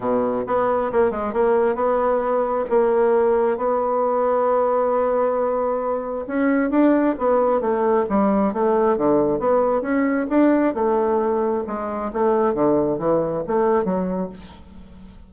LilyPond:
\new Staff \with { instrumentName = "bassoon" } { \time 4/4 \tempo 4 = 134 b,4 b4 ais8 gis8 ais4 | b2 ais2 | b1~ | b2 cis'4 d'4 |
b4 a4 g4 a4 | d4 b4 cis'4 d'4 | a2 gis4 a4 | d4 e4 a4 fis4 | }